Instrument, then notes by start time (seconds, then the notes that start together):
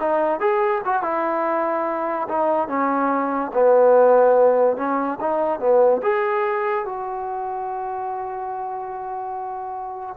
trombone
0.00 D#4
0.40 G#4
0.85 F#4
1.03 E4
2.29 D#4
2.68 C#4
3.53 B3
4.77 C#4
5.20 D#4
5.60 B3
6.03 G#4
6.85 F#4